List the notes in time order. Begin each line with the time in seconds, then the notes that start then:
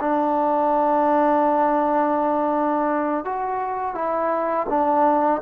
0.00 D4
3.25 F#4
3.94 E4
4.69 D4